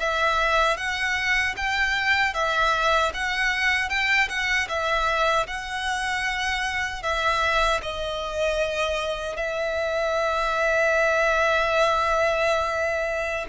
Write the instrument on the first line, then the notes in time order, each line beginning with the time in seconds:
violin
0.00 E5
0.78 F#5
1.57 G5
2.34 E5
3.14 F#5
3.90 G5
4.29 F#5
4.69 E5
5.47 F#5
7.03 E5
7.83 D#5
9.37 E5